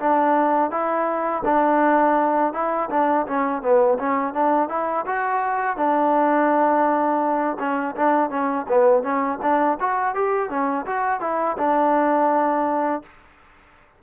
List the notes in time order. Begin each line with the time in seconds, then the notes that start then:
0.00 D4
0.71 E4
1.45 D4
2.53 E4
2.90 D4
3.27 C#4
3.62 B3
3.99 C#4
4.34 D4
4.69 E4
5.06 F#4
5.77 D4
7.59 C#4
7.96 D4
8.30 C#4
8.68 B3
9.03 C#4
9.42 D4
9.80 F#4
10.15 G4
10.50 C#4
10.86 F#4
11.21 E4
11.58 D4